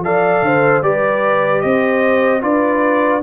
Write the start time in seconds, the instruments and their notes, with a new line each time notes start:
0.00 tuba F3, trombone A4, horn D5, trumpet F5
0.42 tuba D3, horn C5
0.82 tuba G3, trombone G4, horn B4, trumpet D5
1.62 tuba C4, horn C5, trumpet D#5
2.41 tuba D4, trombone F4, horn B4, trumpet D5